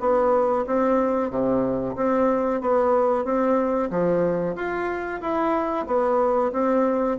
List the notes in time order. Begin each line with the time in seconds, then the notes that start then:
0.00 B3
0.67 C4
1.30 C3
1.96 C4
2.61 B3
3.25 C4
3.90 F3
4.55 F4
5.21 E4
5.87 B3
6.52 C4